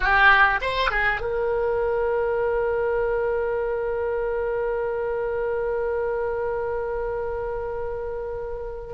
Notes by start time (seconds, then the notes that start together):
0.00 G4
0.61 C5
0.91 G#4
1.20 A#4